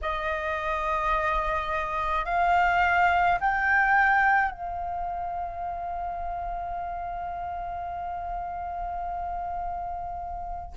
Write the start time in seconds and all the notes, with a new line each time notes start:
0.01 D#5
2.25 F5
3.40 G5
4.50 F5